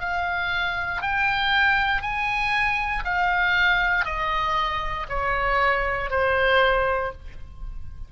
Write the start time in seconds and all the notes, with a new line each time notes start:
0.00 F5
1.02 G5
2.02 G#5
3.05 F5
4.05 D#5
5.09 C#5
6.11 C5